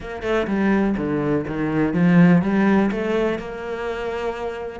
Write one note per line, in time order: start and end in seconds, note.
0.00 0.22 A#3
0.22 0.46 A3
0.47 0.95 G3
0.97 1.45 D3
1.47 1.93 D#3
1.93 2.41 F3
2.42 2.90 G3
2.91 3.38 A3
3.38 4.80 A#3